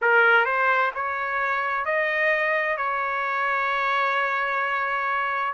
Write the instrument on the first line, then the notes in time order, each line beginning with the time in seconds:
trumpet
0.01 A#4
0.45 C5
0.94 C#5
1.85 D#5
2.77 C#5